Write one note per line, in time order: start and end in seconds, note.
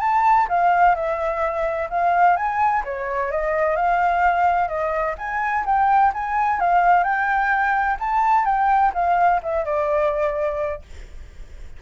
0.00 0.47 A5
0.49 0.95 F5
0.95 1.89 E5
1.90 2.36 F5
2.36 2.83 G#5
2.84 3.31 C#5
3.31 3.76 D#5
3.76 4.68 F5
4.68 5.15 D#5
5.18 5.65 G#5
5.65 6.12 G5
6.13 6.60 G#5
6.60 7.03 F5
7.03 7.97 G5
7.99 8.45 A5
8.45 8.92 G5
8.94 9.41 F5
9.42 9.65 E5
9.65 10.82 D5